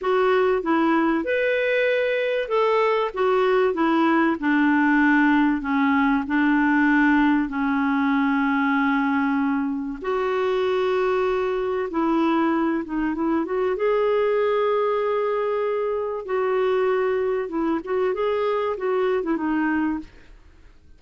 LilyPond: \new Staff \with { instrumentName = "clarinet" } { \time 4/4 \tempo 4 = 96 fis'4 e'4 b'2 | a'4 fis'4 e'4 d'4~ | d'4 cis'4 d'2 | cis'1 |
fis'2. e'4~ | e'8 dis'8 e'8 fis'8 gis'2~ | gis'2 fis'2 | e'8 fis'8 gis'4 fis'8. e'16 dis'4 | }